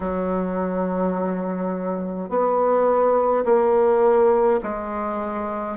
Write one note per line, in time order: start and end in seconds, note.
0.00 2.29 F#3
2.29 3.44 B3
3.44 4.59 A#3
4.63 5.77 G#3